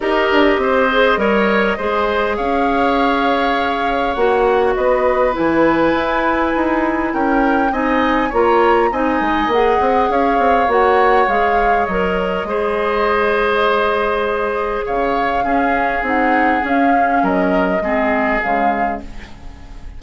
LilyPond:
<<
  \new Staff \with { instrumentName = "flute" } { \time 4/4 \tempo 4 = 101 dis''1 | f''2. fis''4 | dis''4 gis''2. | g''4 gis''4 ais''4 gis''4 |
fis''4 f''4 fis''4 f''4 | dis''1~ | dis''4 f''2 fis''4 | f''4 dis''2 f''4 | }
  \new Staff \with { instrumentName = "oboe" } { \time 4/4 ais'4 c''4 cis''4 c''4 | cis''1 | b'1 | ais'4 dis''4 cis''4 dis''4~ |
dis''4 cis''2.~ | cis''4 c''2.~ | c''4 cis''4 gis'2~ | gis'4 ais'4 gis'2 | }
  \new Staff \with { instrumentName = "clarinet" } { \time 4/4 g'4. gis'8 ais'4 gis'4~ | gis'2. fis'4~ | fis'4 e'2.~ | e'4 dis'4 f'4 dis'4 |
gis'2 fis'4 gis'4 | ais'4 gis'2.~ | gis'2 cis'4 dis'4 | cis'2 c'4 gis4 | }
  \new Staff \with { instrumentName = "bassoon" } { \time 4/4 dis'8 d'8 c'4 g4 gis4 | cis'2. ais4 | b4 e4 e'4 dis'4 | cis'4 c'4 ais4 c'8 gis8 |
ais8 c'8 cis'8 c'8 ais4 gis4 | fis4 gis2.~ | gis4 cis4 cis'4 c'4 | cis'4 fis4 gis4 cis4 | }
>>